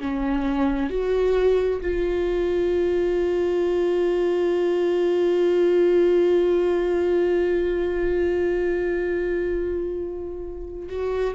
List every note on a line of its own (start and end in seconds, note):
0.00 0.90 C#4
0.90 1.81 F#4
1.81 10.89 F4
10.89 11.35 F#4